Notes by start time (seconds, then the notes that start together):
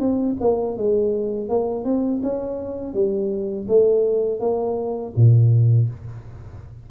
0.00 C4
0.41 A#3
0.77 G#3
1.49 A#3
1.85 C4
2.23 C#4
2.94 G3
3.69 A3
4.41 A#3
5.17 A#2